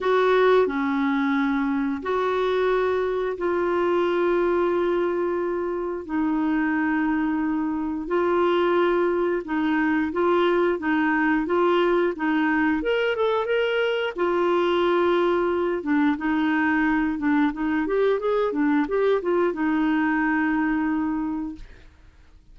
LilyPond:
\new Staff \with { instrumentName = "clarinet" } { \time 4/4 \tempo 4 = 89 fis'4 cis'2 fis'4~ | fis'4 f'2.~ | f'4 dis'2. | f'2 dis'4 f'4 |
dis'4 f'4 dis'4 ais'8 a'8 | ais'4 f'2~ f'8 d'8 | dis'4. d'8 dis'8 g'8 gis'8 d'8 | g'8 f'8 dis'2. | }